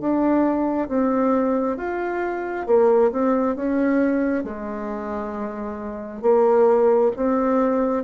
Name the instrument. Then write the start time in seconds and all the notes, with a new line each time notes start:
bassoon
0.00 D4
0.88 C4
1.77 F4
2.67 A#3
3.12 C4
3.56 C#4
4.44 G#3
6.22 A#3
7.16 C4